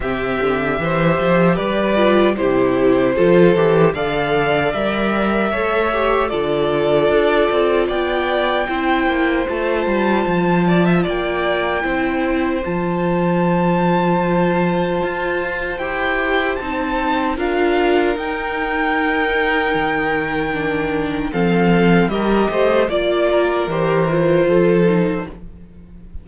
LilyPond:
<<
  \new Staff \with { instrumentName = "violin" } { \time 4/4 \tempo 4 = 76 e''2 d''4 c''4~ | c''4 f''4 e''2 | d''2 g''2 | a''2 g''2 |
a''1 | g''4 a''4 f''4 g''4~ | g''2. f''4 | dis''4 d''4 c''2 | }
  \new Staff \with { instrumentName = "violin" } { \time 4/4 g'4 c''4 b'4 g'4 | a'4 d''2 cis''4 | a'2 d''4 c''4~ | c''4. d''16 e''16 d''4 c''4~ |
c''1~ | c''2 ais'2~ | ais'2. a'4 | ais'8 c''8 d''8 ais'4. a'4 | }
  \new Staff \with { instrumentName = "viola" } { \time 4/4 c'4 g'4. f'8 e'4 | f'8 g'8 a'4 ais'4 a'8 g'8 | f'2. e'4 | f'2. e'4 |
f'1 | g'4 dis'4 f'4 dis'4~ | dis'2 d'4 c'4 | g'4 f'4 g'8 f'4 dis'8 | }
  \new Staff \with { instrumentName = "cello" } { \time 4/4 c8 d8 e8 f8 g4 c4 | f8 e8 d4 g4 a4 | d4 d'8 c'8 b4 c'8 ais8 | a8 g8 f4 ais4 c'4 |
f2. f'4 | e'4 c'4 d'4 dis'4~ | dis'4 dis2 f4 | g8 a8 ais4 e4 f4 | }
>>